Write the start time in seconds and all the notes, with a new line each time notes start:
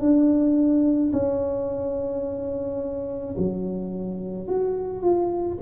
0.00 D4
1.13 C#4
3.37 F#3
4.47 F#4
5.03 F4